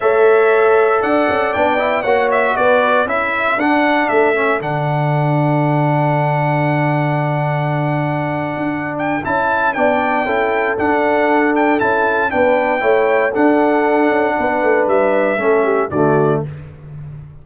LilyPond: <<
  \new Staff \with { instrumentName = "trumpet" } { \time 4/4 \tempo 4 = 117 e''2 fis''4 g''4 | fis''8 e''8 d''4 e''4 fis''4 | e''4 fis''2.~ | fis''1~ |
fis''4. g''8 a''4 g''4~ | g''4 fis''4. g''8 a''4 | g''2 fis''2~ | fis''4 e''2 d''4 | }
  \new Staff \with { instrumentName = "horn" } { \time 4/4 cis''2 d''2 | cis''4 b'4 a'2~ | a'1~ | a'1~ |
a'2. d''4 | a'1 | b'4 cis''4 a'2 | b'2 a'8 g'8 fis'4 | }
  \new Staff \with { instrumentName = "trombone" } { \time 4/4 a'2. d'8 e'8 | fis'2 e'4 d'4~ | d'8 cis'8 d'2.~ | d'1~ |
d'2 e'4 d'4 | e'4 d'2 e'4 | d'4 e'4 d'2~ | d'2 cis'4 a4 | }
  \new Staff \with { instrumentName = "tuba" } { \time 4/4 a2 d'8 cis'8 b4 | ais4 b4 cis'4 d'4 | a4 d2.~ | d1~ |
d8. d'4~ d'16 cis'4 b4 | cis'4 d'2 cis'4 | b4 a4 d'4. cis'8 | b8 a8 g4 a4 d4 | }
>>